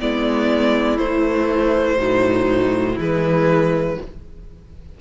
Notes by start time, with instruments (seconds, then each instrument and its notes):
0.00 cello G#3, viola B3, violin E4 D5
0.98 viola E3, cello A3, violin C5
1.97 cello A2, viola F#3, violin D#4
2.94 cello E3, viola G#3, violin E4 B4